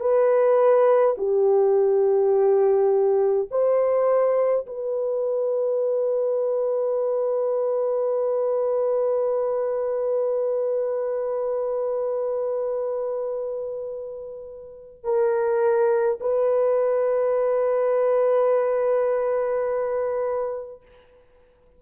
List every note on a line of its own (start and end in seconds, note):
0.00 1.15 B4
1.17 3.48 G4
3.50 4.66 C5
4.66 15.04 B4
15.04 16.19 A#4
16.20 20.82 B4